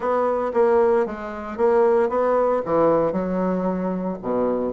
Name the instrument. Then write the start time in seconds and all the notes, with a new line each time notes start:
bassoon
0.00 B3
0.53 A#3
1.06 G#3
1.57 A#3
2.09 B3
2.65 E3
3.12 F#3
4.22 B2